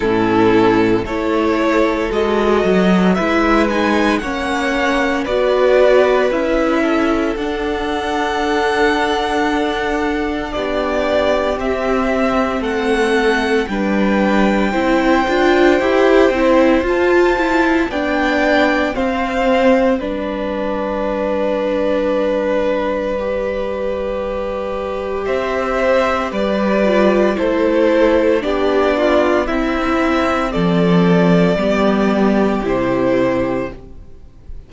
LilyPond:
<<
  \new Staff \with { instrumentName = "violin" } { \time 4/4 \tempo 4 = 57 a'4 cis''4 dis''4 e''8 gis''8 | fis''4 d''4 e''4 fis''4~ | fis''2 d''4 e''4 | fis''4 g''2. |
a''4 g''4 f''4 d''4~ | d''1 | e''4 d''4 c''4 d''4 | e''4 d''2 c''4 | }
  \new Staff \with { instrumentName = "violin" } { \time 4/4 e'4 a'2 b'4 | cis''4 b'4. a'4.~ | a'2 g'2 | a'4 b'4 c''2~ |
c''4 d''4 c''4 b'4~ | b'1 | c''4 b'4 a'4 g'8 f'8 | e'4 a'4 g'2 | }
  \new Staff \with { instrumentName = "viola" } { \time 4/4 cis'4 e'4 fis'4 e'8 dis'8 | cis'4 fis'4 e'4 d'4~ | d'2. c'4~ | c'4 d'4 e'8 f'8 g'8 e'8 |
f'8 e'8 d'4 c'4 d'4~ | d'2 g'2~ | g'4. f'8 e'4 d'4 | c'2 b4 e'4 | }
  \new Staff \with { instrumentName = "cello" } { \time 4/4 a,4 a4 gis8 fis8 gis4 | ais4 b4 cis'4 d'4~ | d'2 b4 c'4 | a4 g4 c'8 d'8 e'8 c'8 |
f'4 b4 c'4 g4~ | g1 | c'4 g4 a4 b4 | c'4 f4 g4 c4 | }
>>